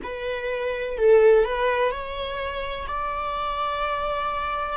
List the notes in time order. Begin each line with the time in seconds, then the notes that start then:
0.03 B4
0.97 A4
1.45 B4
1.91 C#5
2.87 D5